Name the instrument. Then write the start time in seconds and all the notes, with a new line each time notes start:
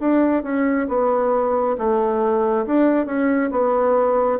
bassoon
0.00 D4
0.43 C#4
0.88 B3
1.78 A3
2.66 D4
3.06 C#4
3.51 B3